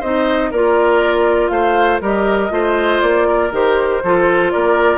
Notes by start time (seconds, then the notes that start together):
0.00 C4 D#4 C5 D#5
0.51 A#3 F4 A#4 D5
1.48 A3 C5 F5
2.01 G3 G4 A#4 D#5
2.50 A3 F4 C5
3.02 A#3 D5
3.28 A#4
3.51 D#3 G4 C5
4.03 F3 F4 A4
4.51 A#3 A#4 D5